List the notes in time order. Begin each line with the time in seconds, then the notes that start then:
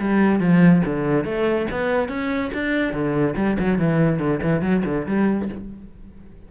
0.00 G3
0.40 F3
0.86 D3
1.25 A3
1.71 B3
2.09 C#4
2.54 D4
2.93 D3
3.37 G3
3.60 F#3
3.79 E3
4.19 D3
4.43 E3
4.62 F#3
4.85 D3
5.07 G3